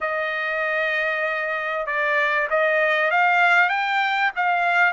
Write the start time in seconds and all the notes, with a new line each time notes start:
0.01 D#5
1.86 D5
2.50 D#5
3.10 F5
3.69 G5
4.36 F5